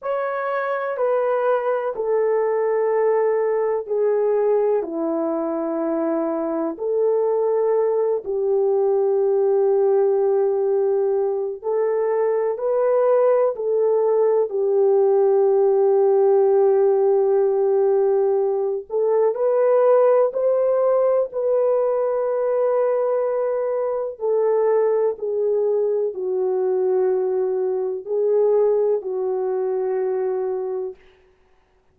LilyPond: \new Staff \with { instrumentName = "horn" } { \time 4/4 \tempo 4 = 62 cis''4 b'4 a'2 | gis'4 e'2 a'4~ | a'8 g'2.~ g'8 | a'4 b'4 a'4 g'4~ |
g'2.~ g'8 a'8 | b'4 c''4 b'2~ | b'4 a'4 gis'4 fis'4~ | fis'4 gis'4 fis'2 | }